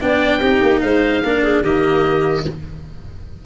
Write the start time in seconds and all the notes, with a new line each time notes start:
0.00 B3 D4 D5 G5
0.39 C4 D#4 G4
0.62 A#3
0.81 G#3 C5 F5
1.23 A#3 D4 A#4
1.43 G#4
1.61 D#3 A#3 G4 D#5